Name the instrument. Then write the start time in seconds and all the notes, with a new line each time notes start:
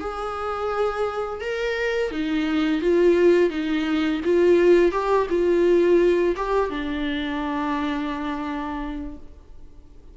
viola
0.00 G#4
1.41 A#4
2.11 D#4
2.81 F4
3.50 D#4
4.24 F4
4.92 G4
5.29 F4
6.36 G4
6.70 D4